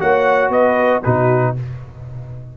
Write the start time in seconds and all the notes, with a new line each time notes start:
0.00 A#3 F#4 C#5 F#5
0.50 B3 B4 D#5
1.04 B2 D#4 F#4 B4